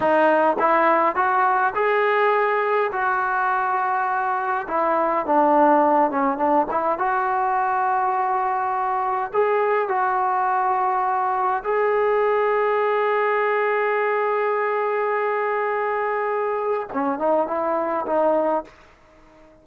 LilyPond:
\new Staff \with { instrumentName = "trombone" } { \time 4/4 \tempo 4 = 103 dis'4 e'4 fis'4 gis'4~ | gis'4 fis'2. | e'4 d'4. cis'8 d'8 e'8 | fis'1 |
gis'4 fis'2. | gis'1~ | gis'1~ | gis'4 cis'8 dis'8 e'4 dis'4 | }